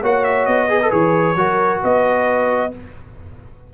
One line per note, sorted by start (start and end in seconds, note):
0.00 0.46 A#3
0.00 0.69 F#4
0.00 0.67 C#5
0.00 0.24 F#5
0.24 0.45 E5
0.45 0.91 B3
0.45 0.90 D#5
0.69 0.80 G#4
0.69 1.38 B4
0.82 0.90 A4
0.90 1.35 E3
0.90 1.35 G#4
0.90 1.81 C#5
1.35 1.80 F#3
1.35 2.71 F#4
1.35 1.82 A#4
1.82 2.73 B3
1.82 2.72 B4
1.82 2.73 D#5